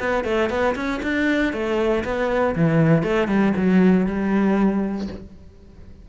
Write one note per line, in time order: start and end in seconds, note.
0.00 0.24 B3
0.24 0.50 A3
0.50 0.76 B3
0.76 1.01 C#4
1.03 1.53 D4
1.53 2.04 A3
2.05 2.55 B3
2.56 3.03 E3
3.03 3.28 A3
3.28 3.54 G3
3.57 4.07 F#3
4.07 5.08 G3